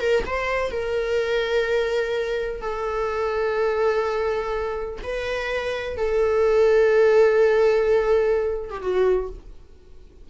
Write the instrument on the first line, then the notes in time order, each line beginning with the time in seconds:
viola
0.00 A#4
0.26 C5
0.71 A#4
2.61 A4
5.03 B4
5.97 A4
8.70 G4
8.82 F#4